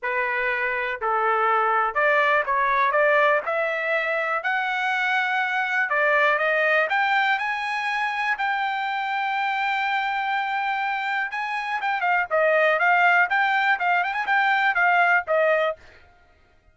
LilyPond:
\new Staff \with { instrumentName = "trumpet" } { \time 4/4 \tempo 4 = 122 b'2 a'2 | d''4 cis''4 d''4 e''4~ | e''4 fis''2. | d''4 dis''4 g''4 gis''4~ |
gis''4 g''2.~ | g''2. gis''4 | g''8 f''8 dis''4 f''4 g''4 | f''8 g''16 gis''16 g''4 f''4 dis''4 | }